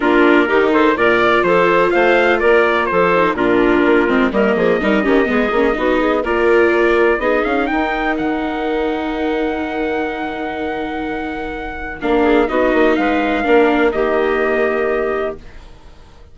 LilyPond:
<<
  \new Staff \with { instrumentName = "trumpet" } { \time 4/4 \tempo 4 = 125 ais'4. c''8 d''4 c''4 | f''4 d''4 c''4 ais'4~ | ais'4 dis''2.~ | dis''4 d''2 dis''8 f''8 |
g''4 fis''2.~ | fis''1~ | fis''4 f''4 dis''4 f''4~ | f''4 dis''2. | }
  \new Staff \with { instrumentName = "clarinet" } { \time 4/4 f'4 g'8 a'8 ais'4 a'4 | c''4 ais'4 a'4 f'4~ | f'4 ais'8 gis'8 ais'8 g'8 gis'4 | fis'8 gis'8 ais'2 gis'4 |
ais'1~ | ais'1~ | ais'4. gis'8 fis'4 b'4 | ais'4 g'2. | }
  \new Staff \with { instrumentName = "viola" } { \time 4/4 d'4 dis'4 f'2~ | f'2~ f'8 dis'8 d'4~ | d'8 c'8 ais4 dis'8 cis'8 b8 cis'8 | dis'4 f'2 dis'4~ |
dis'1~ | dis'1~ | dis'4 d'4 dis'2 | d'4 ais2. | }
  \new Staff \with { instrumentName = "bassoon" } { \time 4/4 ais4 dis4 ais,4 f4 | a4 ais4 f4 ais,4 | ais8 gis8 g8 f8 g8 dis8 gis8 ais8 | b4 ais2 b8 cis'8 |
dis'4 dis2.~ | dis1~ | dis4 ais4 b8 ais8 gis4 | ais4 dis2. | }
>>